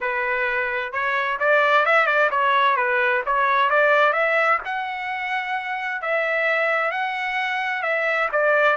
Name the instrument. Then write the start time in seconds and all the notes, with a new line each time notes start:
trumpet
0.00 B4
0.92 C#5
1.39 D5
1.85 E5
2.06 D5
2.30 C#5
2.76 B4
3.26 C#5
3.70 D5
4.12 E5
4.64 F#5
6.01 E5
6.91 F#5
7.82 E5
8.32 D5